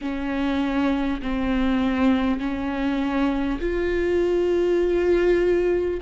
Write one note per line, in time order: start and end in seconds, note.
0.01 1.21 C#4
1.22 2.39 C4
2.39 3.59 C#4
3.60 6.00 F4